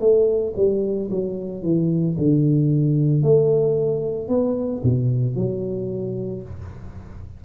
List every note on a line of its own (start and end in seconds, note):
0.00 0.54 A3
0.56 1.10 G3
1.11 1.62 F#3
1.62 2.16 E3
2.18 3.22 D3
3.22 4.28 A3
4.28 4.82 B3
4.83 5.35 B2
5.35 6.42 F#3